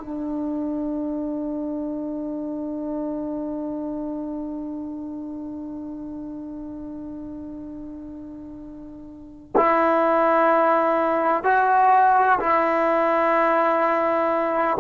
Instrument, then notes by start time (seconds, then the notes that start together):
trombone
0.00 D4
9.56 E4
11.44 F#4
12.40 E4